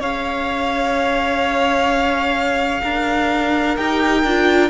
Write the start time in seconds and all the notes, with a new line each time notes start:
0.00 C#4 G#4 C#5 F5
2.83 D4 A#4
3.76 D#4 G4 G5
4.24 D4 F4